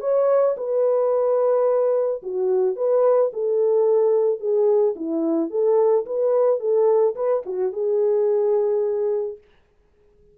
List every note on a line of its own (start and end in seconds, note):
0.00 0.55 C#5
0.57 2.22 B4
2.23 2.76 F#4
2.76 3.31 B4
3.33 4.40 A4
4.40 4.95 G#4
4.96 5.50 E4
5.50 6.05 A4
6.06 6.60 B4
6.60 7.15 A4
7.15 7.43 B4
7.46 7.72 F#4
7.72 9.38 G#4